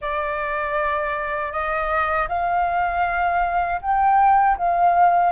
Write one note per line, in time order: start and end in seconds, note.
0.01 1.52 D5
1.52 2.28 D#5
2.28 3.80 F5
3.81 4.57 G5
4.57 5.32 F5